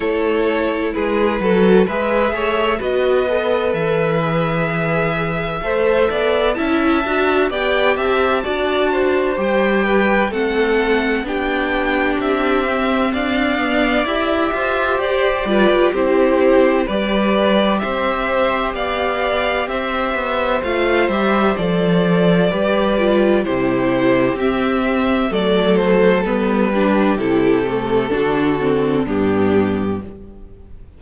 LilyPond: <<
  \new Staff \with { instrumentName = "violin" } { \time 4/4 \tempo 4 = 64 cis''4 b'4 e''4 dis''4 | e''2. a''4 | g''8 a''4. g''4 fis''4 | g''4 e''4 f''4 e''4 |
d''4 c''4 d''4 e''4 | f''4 e''4 f''8 e''8 d''4~ | d''4 c''4 e''4 d''8 c''8 | b'4 a'2 g'4 | }
  \new Staff \with { instrumentName = "violin" } { \time 4/4 a'4 gis'8 a'8 b'8 cis''8 b'4~ | b'2 c''8 d''8 e''4 | d''8 e''8 d''8 c''4 b'8 a'4 | g'2 d''4. c''8~ |
c''8 b'8 g'4 b'4 c''4 | d''4 c''2. | b'4 g'2 a'4~ | a'8 g'4. fis'4 d'4 | }
  \new Staff \with { instrumentName = "viola" } { \time 4/4 e'4. fis'8 gis'4 fis'8 a'8~ | a'8 gis'4. a'4 e'8 fis'8 | g'4 fis'4 g'4 c'4 | d'4. c'4 b8 g'4~ |
g'8 f'8 e'4 g'2~ | g'2 f'8 g'8 a'4 | g'8 f'8 e'4 c'4 a4 | b8 d'8 e'8 a8 d'8 c'8 b4 | }
  \new Staff \with { instrumentName = "cello" } { \time 4/4 a4 gis8 fis8 gis8 a8 b4 | e2 a8 b8 cis'8 d'8 | b8 c'8 d'4 g4 a4 | b4 c'4 d'4 e'8 f'8 |
g'8 g16 g'16 c'4 g4 c'4 | b4 c'8 b8 a8 g8 f4 | g4 c4 c'4 fis4 | g4 c4 d4 g,4 | }
>>